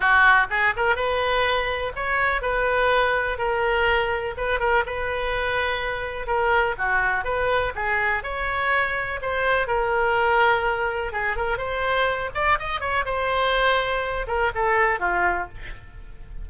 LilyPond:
\new Staff \with { instrumentName = "oboe" } { \time 4/4 \tempo 4 = 124 fis'4 gis'8 ais'8 b'2 | cis''4 b'2 ais'4~ | ais'4 b'8 ais'8 b'2~ | b'4 ais'4 fis'4 b'4 |
gis'4 cis''2 c''4 | ais'2. gis'8 ais'8 | c''4. d''8 dis''8 cis''8 c''4~ | c''4. ais'8 a'4 f'4 | }